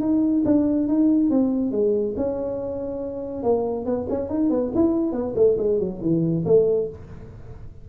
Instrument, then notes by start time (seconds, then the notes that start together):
tuba
0.00 D#4
0.45 D4
0.88 D#4
1.30 C4
1.71 G#3
2.16 C#4
3.43 A#3
3.85 B3
4.09 C#4
4.29 D#4
4.50 B3
4.75 E4
5.12 B3
5.36 A3
5.58 G#3
5.79 F#3
6.01 E3
6.45 A3